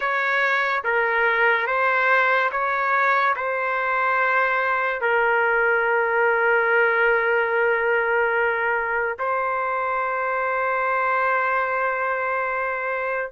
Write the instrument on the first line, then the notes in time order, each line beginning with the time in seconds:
trumpet
0.00 C#5
0.84 A#4
1.67 C5
2.51 C#5
3.36 C5
5.01 A#4
9.19 C5